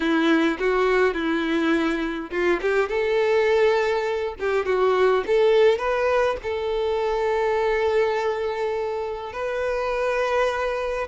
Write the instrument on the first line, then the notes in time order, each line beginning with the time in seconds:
violin
0.00 E4
0.59 F#4
1.14 E4
2.30 F4
2.61 G4
2.89 A4
4.39 G4
4.65 F#4
5.26 A4
5.78 B4
6.42 A4
9.33 B4